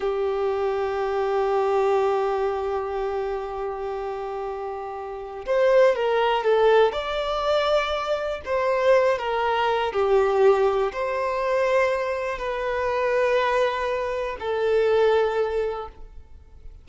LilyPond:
\new Staff \with { instrumentName = "violin" } { \time 4/4 \tempo 4 = 121 g'1~ | g'1~ | g'2. c''4 | ais'4 a'4 d''2~ |
d''4 c''4. ais'4. | g'2 c''2~ | c''4 b'2.~ | b'4 a'2. | }